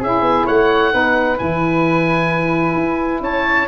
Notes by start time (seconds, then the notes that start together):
0.00 C#4 E4 G#4 E5
0.22 B3
0.46 A3 C#5 F#5
0.91 B3 D#4 B4
1.38 E3 E4 G#5
2.75 E4
3.21 C#4 C#5 A5